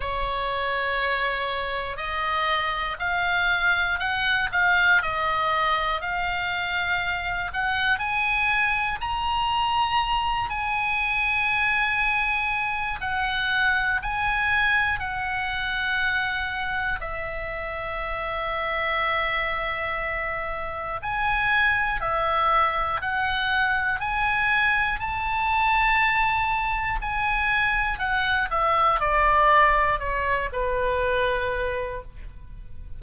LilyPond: \new Staff \with { instrumentName = "oboe" } { \time 4/4 \tempo 4 = 60 cis''2 dis''4 f''4 | fis''8 f''8 dis''4 f''4. fis''8 | gis''4 ais''4. gis''4.~ | gis''4 fis''4 gis''4 fis''4~ |
fis''4 e''2.~ | e''4 gis''4 e''4 fis''4 | gis''4 a''2 gis''4 | fis''8 e''8 d''4 cis''8 b'4. | }